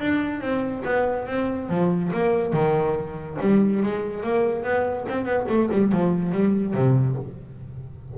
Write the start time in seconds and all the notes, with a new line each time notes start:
0.00 D4
0.41 C4
0.85 B3
1.27 C4
1.69 F3
2.13 A#3
2.53 D#3
3.41 G3
3.83 G#3
4.23 A#3
4.64 B3
5.09 C4
5.25 B3
5.49 A3
5.72 G3
5.92 F3
6.32 G3
6.74 C3